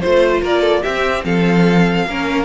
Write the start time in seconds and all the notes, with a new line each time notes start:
0.00 A3 F4 C5
0.42 A#3 A#4 D5
0.61 A4
0.82 C4 G4 E5
1.24 F3 A4 F5
2.06 A#3 C#4 A#4